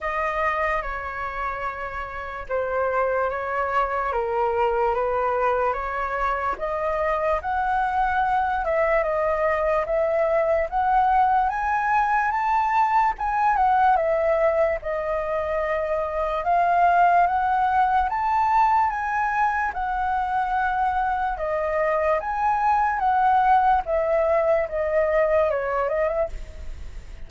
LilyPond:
\new Staff \with { instrumentName = "flute" } { \time 4/4 \tempo 4 = 73 dis''4 cis''2 c''4 | cis''4 ais'4 b'4 cis''4 | dis''4 fis''4. e''8 dis''4 | e''4 fis''4 gis''4 a''4 |
gis''8 fis''8 e''4 dis''2 | f''4 fis''4 a''4 gis''4 | fis''2 dis''4 gis''4 | fis''4 e''4 dis''4 cis''8 dis''16 e''16 | }